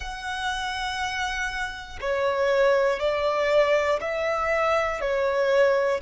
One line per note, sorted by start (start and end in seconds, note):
0.00 1.99 F#5
2.00 3.00 C#5
3.00 4.00 D5
4.00 5.00 E5
5.00 6.00 C#5